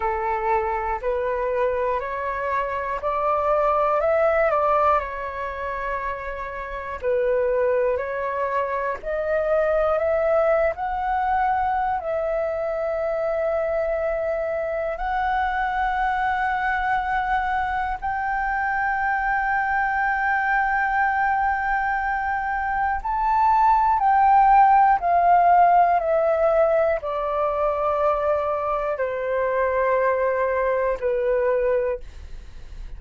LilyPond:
\new Staff \with { instrumentName = "flute" } { \time 4/4 \tempo 4 = 60 a'4 b'4 cis''4 d''4 | e''8 d''8 cis''2 b'4 | cis''4 dis''4 e''8. fis''4~ fis''16 | e''2. fis''4~ |
fis''2 g''2~ | g''2. a''4 | g''4 f''4 e''4 d''4~ | d''4 c''2 b'4 | }